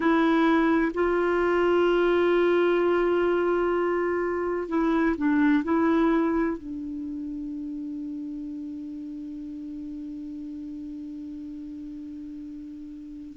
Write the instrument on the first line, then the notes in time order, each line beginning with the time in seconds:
clarinet
0.00 E4
0.94 F4
4.68 E4
5.17 D4
5.63 E4
6.57 D4